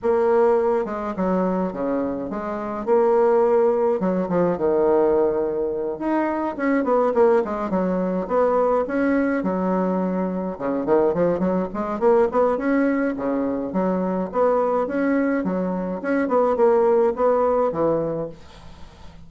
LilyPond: \new Staff \with { instrumentName = "bassoon" } { \time 4/4 \tempo 4 = 105 ais4. gis8 fis4 cis4 | gis4 ais2 fis8 f8 | dis2~ dis8 dis'4 cis'8 | b8 ais8 gis8 fis4 b4 cis'8~ |
cis'8 fis2 cis8 dis8 f8 | fis8 gis8 ais8 b8 cis'4 cis4 | fis4 b4 cis'4 fis4 | cis'8 b8 ais4 b4 e4 | }